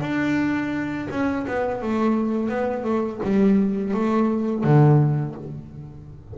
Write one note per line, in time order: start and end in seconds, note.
0.00 1.07 D4
1.10 1.45 C#4
1.47 1.81 B3
1.81 2.49 A3
2.49 2.84 B3
2.84 3.19 A3
3.22 3.93 G3
3.93 4.63 A3
4.63 5.35 D3